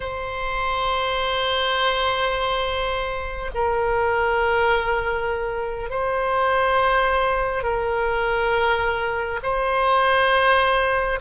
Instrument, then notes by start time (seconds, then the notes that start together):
oboe
0.00 C5
3.54 A#4
5.89 C5
7.63 A#4
9.42 C5